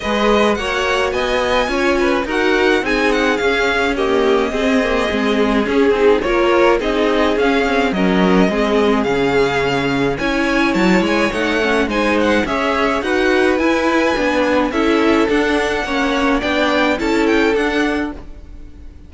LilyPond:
<<
  \new Staff \with { instrumentName = "violin" } { \time 4/4 \tempo 4 = 106 dis''4 fis''4 gis''2 | fis''4 gis''8 fis''8 f''4 dis''4~ | dis''2 gis'4 cis''4 | dis''4 f''4 dis''2 |
f''2 gis''4 a''8 gis''8 | fis''4 gis''8 fis''8 e''4 fis''4 | gis''2 e''4 fis''4~ | fis''4 g''4 a''8 g''8 fis''4 | }
  \new Staff \with { instrumentName = "violin" } { \time 4/4 b'4 cis''4 dis''4 cis''8 b'8 | ais'4 gis'2 g'4 | gis'2. ais'4 | gis'2 ais'4 gis'4~ |
gis'2 cis''2~ | cis''4 c''4 cis''4 b'4~ | b'2 a'2 | cis''4 d''4 a'2 | }
  \new Staff \with { instrumentName = "viola" } { \time 4/4 gis'4 fis'2 f'4 | fis'4 dis'4 cis'4 ais4 | c'8 ais8 c'4 cis'8 dis'8 f'4 | dis'4 cis'8 c'8 cis'4 c'4 |
cis'2 e'2 | dis'8 cis'8 dis'4 gis'4 fis'4 | e'4 d'4 e'4 d'4 | cis'4 d'4 e'4 d'4 | }
  \new Staff \with { instrumentName = "cello" } { \time 4/4 gis4 ais4 b4 cis'4 | dis'4 c'4 cis'2 | c'4 gis4 cis'8 c'8 ais4 | c'4 cis'4 fis4 gis4 |
cis2 cis'4 fis8 gis8 | a4 gis4 cis'4 dis'4 | e'4 b4 cis'4 d'4 | ais4 b4 cis'4 d'4 | }
>>